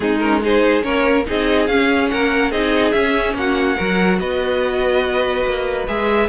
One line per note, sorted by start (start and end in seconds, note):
0.00 0.83 G#3
0.00 0.16 C4
0.00 0.42 D#4
0.00 0.19 G#4
0.19 0.42 C#4
0.19 0.40 A#4
0.42 0.82 D#4
0.42 0.84 G#4
0.42 0.82 C5
0.82 1.26 A#3
0.82 1.24 C#4
0.82 1.26 A#4
0.82 1.24 C#5
1.26 1.68 C4
1.26 1.68 D#4
1.26 2.11 G#4
1.26 1.66 D#5
1.66 2.10 C#4
1.66 2.52 C#4
1.66 2.08 F5
2.10 2.51 A#3
2.10 2.51 A#4
2.10 2.51 F#5
2.51 2.93 C4
2.51 2.94 D#4
2.51 3.35 G#4
2.51 2.91 D#5
2.91 3.34 C#4
2.91 3.77 C#4
2.91 3.33 E5
3.34 3.76 A#3
3.34 3.76 F#4
3.34 4.19 F#5
3.76 4.19 F#3
3.76 5.86 F#4
3.76 4.18 A#4
4.19 5.45 B3
4.19 6.28 B4
4.19 5.87 D#5
5.45 5.87 A#3
5.87 6.28 G#3
5.87 6.28 G#4
5.87 6.28 E5